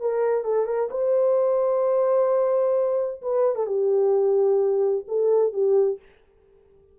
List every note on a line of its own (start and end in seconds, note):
0.00 0.44 A#4
0.44 0.65 A4
0.65 0.88 A#4
0.90 3.21 C5
3.21 3.55 B4
3.55 3.66 A4
3.66 5.04 G4
5.07 5.53 A4
5.53 5.99 G4